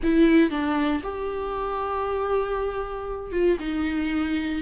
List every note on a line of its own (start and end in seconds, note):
0.03 0.50 E4
0.50 1.01 D4
1.03 3.31 G4
3.31 3.57 F4
3.59 4.62 D#4